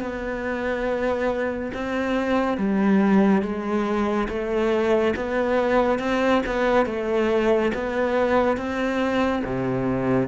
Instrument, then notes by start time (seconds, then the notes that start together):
cello
0.00 B3
1.74 C4
2.57 G3
3.42 G#3
4.28 A3
5.16 B3
5.99 C4
6.46 B3
6.86 A3
7.74 B3
8.57 C4
9.45 C3